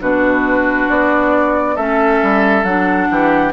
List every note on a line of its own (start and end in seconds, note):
0.00 0.88 B2
0.00 1.76 D4
0.00 1.75 F#4
0.00 0.89 B4
0.89 1.76 B3
0.89 1.76 D5
1.75 2.20 A3
1.75 2.65 C#4
1.75 3.07 A4
1.75 2.64 E5
2.22 2.63 G3
2.63 3.07 F#3
2.63 3.52 D4
2.63 3.52 F#5
3.10 3.52 E3
3.10 3.52 G4